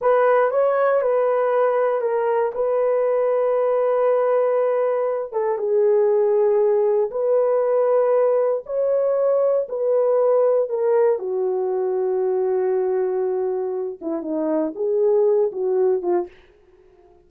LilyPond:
\new Staff \with { instrumentName = "horn" } { \time 4/4 \tempo 4 = 118 b'4 cis''4 b'2 | ais'4 b'2.~ | b'2~ b'8 a'8 gis'4~ | gis'2 b'2~ |
b'4 cis''2 b'4~ | b'4 ais'4 fis'2~ | fis'2.~ fis'8 e'8 | dis'4 gis'4. fis'4 f'8 | }